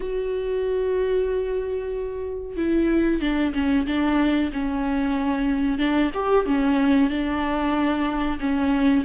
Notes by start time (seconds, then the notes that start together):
0.00 F#4
2.57 E4
3.21 D4
3.53 C#4
3.86 D4
4.52 C#4
5.78 D4
6.13 G4
6.45 C#4
7.10 D4
8.40 C#4